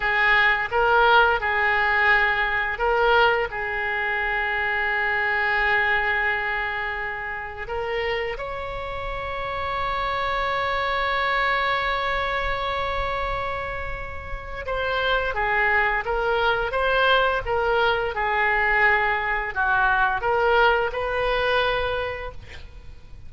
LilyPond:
\new Staff \with { instrumentName = "oboe" } { \time 4/4 \tempo 4 = 86 gis'4 ais'4 gis'2 | ais'4 gis'2.~ | gis'2. ais'4 | cis''1~ |
cis''1~ | cis''4 c''4 gis'4 ais'4 | c''4 ais'4 gis'2 | fis'4 ais'4 b'2 | }